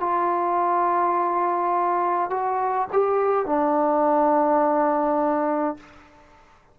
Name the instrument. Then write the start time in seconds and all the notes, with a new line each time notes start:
trombone
0.00 F4
2.30 F#4
2.92 G4
3.46 D4